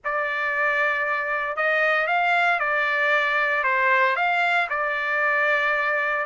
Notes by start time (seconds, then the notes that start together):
0.04 D5
1.56 D#5
2.07 F5
2.59 D5
3.63 C5
4.15 F5
4.69 D5